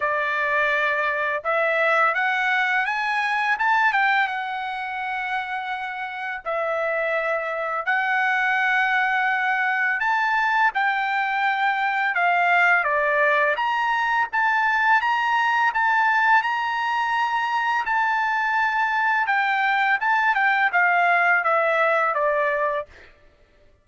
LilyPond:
\new Staff \with { instrumentName = "trumpet" } { \time 4/4 \tempo 4 = 84 d''2 e''4 fis''4 | gis''4 a''8 g''8 fis''2~ | fis''4 e''2 fis''4~ | fis''2 a''4 g''4~ |
g''4 f''4 d''4 ais''4 | a''4 ais''4 a''4 ais''4~ | ais''4 a''2 g''4 | a''8 g''8 f''4 e''4 d''4 | }